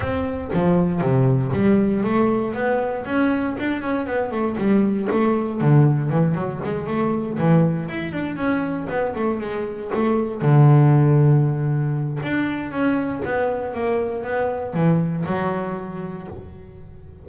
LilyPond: \new Staff \with { instrumentName = "double bass" } { \time 4/4 \tempo 4 = 118 c'4 f4 c4 g4 | a4 b4 cis'4 d'8 cis'8 | b8 a8 g4 a4 d4 | e8 fis8 gis8 a4 e4 e'8 |
d'8 cis'4 b8 a8 gis4 a8~ | a8 d2.~ d8 | d'4 cis'4 b4 ais4 | b4 e4 fis2 | }